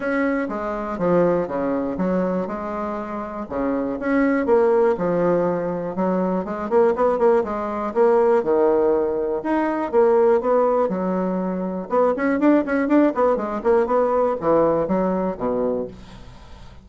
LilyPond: \new Staff \with { instrumentName = "bassoon" } { \time 4/4 \tempo 4 = 121 cis'4 gis4 f4 cis4 | fis4 gis2 cis4 | cis'4 ais4 f2 | fis4 gis8 ais8 b8 ais8 gis4 |
ais4 dis2 dis'4 | ais4 b4 fis2 | b8 cis'8 d'8 cis'8 d'8 b8 gis8 ais8 | b4 e4 fis4 b,4 | }